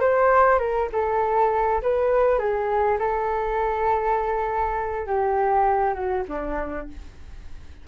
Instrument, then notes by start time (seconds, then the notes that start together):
flute
0.00 C5
0.59 A#4
0.92 A4
1.82 B4
2.38 G#4
2.98 A4
5.06 G4
5.94 F#4
6.28 D4